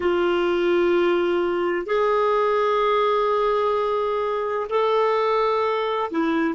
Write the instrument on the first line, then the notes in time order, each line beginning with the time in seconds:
clarinet
0.00 F4
1.86 G#4
4.69 A4
6.11 E4